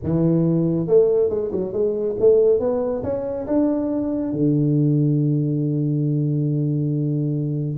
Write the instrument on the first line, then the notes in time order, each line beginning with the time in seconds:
tuba
0.03 E3
0.87 A3
1.29 G#3
1.51 F#3
1.72 G#3
2.19 A3
2.59 B3
3.03 C#4
3.46 D4
4.32 D3